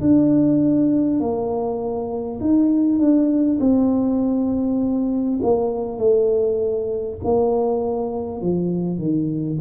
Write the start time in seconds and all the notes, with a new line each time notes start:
0.00 D4
1.20 A#3
2.40 D#4
2.98 D4
3.60 C4
5.42 A#3
5.97 A3
7.24 A#3
8.41 F3
8.98 D#3